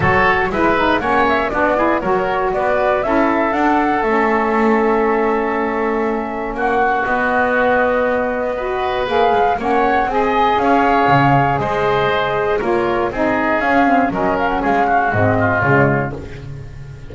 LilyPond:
<<
  \new Staff \with { instrumentName = "flute" } { \time 4/4 \tempo 4 = 119 cis''4 e''4 fis''8 e''8 d''4 | cis''4 d''4 e''4 fis''4 | e''1~ | e''4 fis''4 dis''2~ |
dis''2 f''4 fis''4 | gis''4 f''2 dis''4~ | dis''4 cis''4 dis''4 f''4 | dis''8 f''16 fis''16 f''4 dis''4 cis''4 | }
  \new Staff \with { instrumentName = "oboe" } { \time 4/4 a'4 b'4 cis''4 fis'8 gis'8 | ais'4 b'4 a'2~ | a'1~ | a'4 fis'2.~ |
fis'4 b'2 cis''4 | dis''4 cis''2 c''4~ | c''4 ais'4 gis'2 | ais'4 gis'8 fis'4 f'4. | }
  \new Staff \with { instrumentName = "saxophone" } { \time 4/4 fis'4 e'8 dis'8 cis'4 d'8 e'8 | fis'2 e'4 d'4 | cis'1~ | cis'2 b2~ |
b4 fis'4 gis'4 cis'4 | gis'1~ | gis'4 f'4 dis'4 cis'8 c'8 | cis'2 c'4 gis4 | }
  \new Staff \with { instrumentName = "double bass" } { \time 4/4 fis4 gis4 ais4 b4 | fis4 b4 cis'4 d'4 | a1~ | a4 ais4 b2~ |
b2 ais8 gis8 ais4 | c'4 cis'4 cis4 gis4~ | gis4 ais4 c'4 cis'4 | fis4 gis4 gis,4 cis4 | }
>>